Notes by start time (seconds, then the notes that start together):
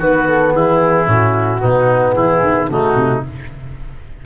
0.00 D#3 B3 F#4 B4
0.28 A4
0.53 E3 E4 G#4
1.06 A2 C#4 F#4
1.59 B2 B3 D#4
2.13 E3 E4 G#4
2.43 D#3
2.68 C#3 A3 D#4 F#4
2.96 C3